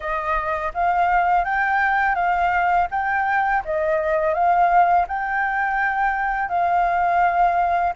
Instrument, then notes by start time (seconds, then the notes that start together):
flute
0.00 D#5
0.74 F5
1.44 G5
2.15 F5
2.90 G5
3.64 D#5
4.33 F5
5.07 G5
6.48 F5